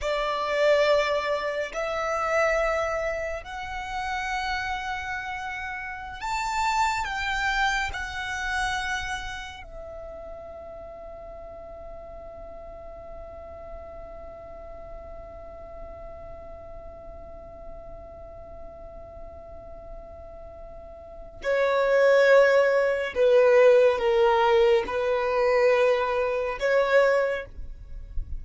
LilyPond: \new Staff \with { instrumentName = "violin" } { \time 4/4 \tempo 4 = 70 d''2 e''2 | fis''2.~ fis''16 a''8.~ | a''16 g''4 fis''2 e''8.~ | e''1~ |
e''1~ | e''1~ | e''4 cis''2 b'4 | ais'4 b'2 cis''4 | }